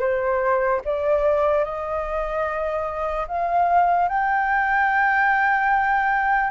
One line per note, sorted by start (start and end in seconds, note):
0.00 0.81 C5
0.85 1.65 D5
1.65 3.27 D#5
3.28 4.09 F5
4.09 6.51 G5